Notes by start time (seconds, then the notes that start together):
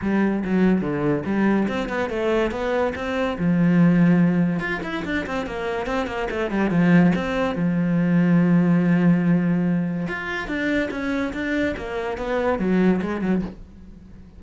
0.01 G3
0.44 F#3
0.81 D3
1.25 G3
1.67 C4
1.88 B3
2.09 A3
2.51 B3
2.95 C4
3.38 F3
4.59 F4
4.83 E4
5.04 D4
5.26 C4
5.46 A#3
5.86 C4
6.06 A#3
6.30 A3
6.50 G3
6.70 F3
7.15 C4
7.55 F3
10.08 F4
10.47 D4
10.90 C#4
11.33 D4
11.76 A#3
12.17 B3
12.58 F#3
13.01 G#3
13.21 F#3